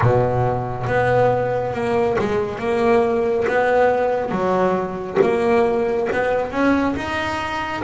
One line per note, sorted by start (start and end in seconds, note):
0.01 0.87 B2
0.87 1.73 B3
1.73 2.17 A#3
2.19 2.58 G#3
2.58 3.45 A#3
3.47 4.30 B3
4.30 5.17 F#3
5.21 6.08 A#3
6.12 6.51 B3
6.51 6.95 C#4
6.96 7.83 D#4